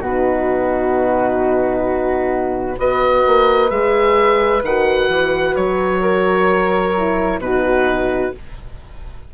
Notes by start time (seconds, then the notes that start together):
0.00 B2 D#4 F#4 B4
2.77 B3 F#4 B4 D#5
3.26 A#3
3.70 G#3 G#4 E5
4.62 D#3 F#4 F#5
5.08 E3
5.55 F#3 C#5
6.01 A#4
6.97 E4
7.38 B2 D#4 F#4 B4